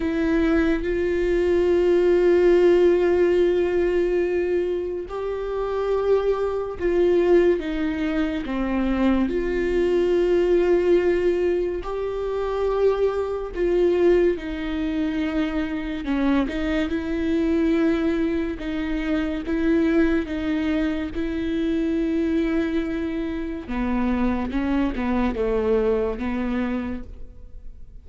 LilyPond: \new Staff \with { instrumentName = "viola" } { \time 4/4 \tempo 4 = 71 e'4 f'2.~ | f'2 g'2 | f'4 dis'4 c'4 f'4~ | f'2 g'2 |
f'4 dis'2 cis'8 dis'8 | e'2 dis'4 e'4 | dis'4 e'2. | b4 cis'8 b8 a4 b4 | }